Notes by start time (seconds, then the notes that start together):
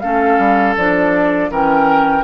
0.00 A3 C#4 A4 F5
0.38 G3
0.77 F3 D4 D5
1.50 E3 C#4 A#4 G5